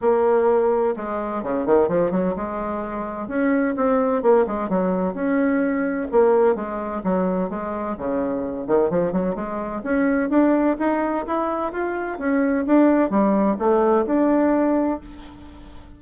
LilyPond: \new Staff \with { instrumentName = "bassoon" } { \time 4/4 \tempo 4 = 128 ais2 gis4 cis8 dis8 | f8 fis8 gis2 cis'4 | c'4 ais8 gis8 fis4 cis'4~ | cis'4 ais4 gis4 fis4 |
gis4 cis4. dis8 f8 fis8 | gis4 cis'4 d'4 dis'4 | e'4 f'4 cis'4 d'4 | g4 a4 d'2 | }